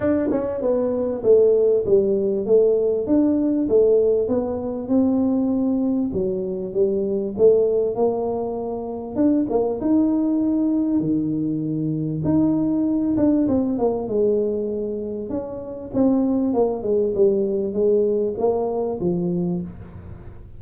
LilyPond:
\new Staff \with { instrumentName = "tuba" } { \time 4/4 \tempo 4 = 98 d'8 cis'8 b4 a4 g4 | a4 d'4 a4 b4 | c'2 fis4 g4 | a4 ais2 d'8 ais8 |
dis'2 dis2 | dis'4. d'8 c'8 ais8 gis4~ | gis4 cis'4 c'4 ais8 gis8 | g4 gis4 ais4 f4 | }